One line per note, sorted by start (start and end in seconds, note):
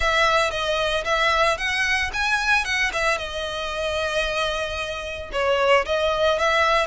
0.00 0.50 E5
0.50 1.04 D#5
1.04 1.57 E5
1.57 2.10 F#5
2.13 2.64 G#5
2.64 2.91 F#5
2.92 3.18 E5
3.18 5.30 D#5
5.32 5.85 C#5
5.85 6.38 D#5
6.38 6.86 E5